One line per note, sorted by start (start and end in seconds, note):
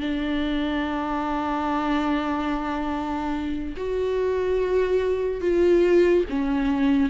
0.00 3.75 D4
3.77 5.41 F#4
5.41 6.24 F4
6.29 7.09 C#4